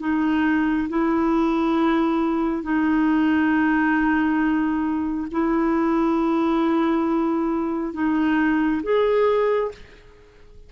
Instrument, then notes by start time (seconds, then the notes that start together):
clarinet
0.00 D#4
0.89 E4
2.63 D#4
5.31 E4
7.94 D#4
8.83 G#4